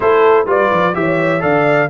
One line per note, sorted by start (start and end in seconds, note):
0.00 0.46 A3
0.00 0.46 E4
0.00 0.47 A4
0.00 0.46 C5
0.46 0.69 G3
0.46 0.93 F4
0.46 0.94 B4
0.46 0.95 D5
0.71 0.95 F3
0.93 1.42 E3
0.93 1.40 G4
0.93 1.42 C#5
0.93 1.42 E5
1.40 1.90 D3
1.40 1.87 A4
1.40 1.89 D5
1.40 1.89 F5